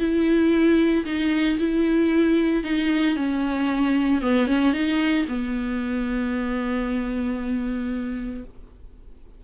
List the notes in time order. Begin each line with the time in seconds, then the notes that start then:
0.00 E4
1.06 D#4
1.59 E4
2.64 D#4
3.17 C#4
4.22 B3
4.47 C#4
4.74 D#4
5.29 B3